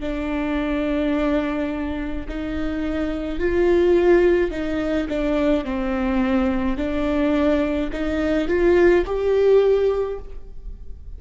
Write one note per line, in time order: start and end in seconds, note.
0.00 2.26 D4
2.28 3.39 D#4
3.39 4.51 F4
4.51 5.07 D#4
5.08 5.64 D4
5.64 6.77 C4
6.77 7.90 D4
7.92 8.48 D#4
8.48 9.05 F4
9.06 10.19 G4